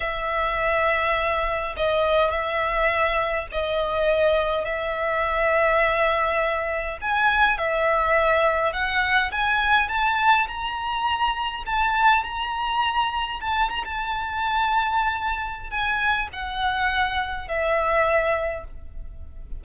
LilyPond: \new Staff \with { instrumentName = "violin" } { \time 4/4 \tempo 4 = 103 e''2. dis''4 | e''2 dis''2 | e''1 | gis''4 e''2 fis''4 |
gis''4 a''4 ais''2 | a''4 ais''2 a''8 ais''16 a''16~ | a''2. gis''4 | fis''2 e''2 | }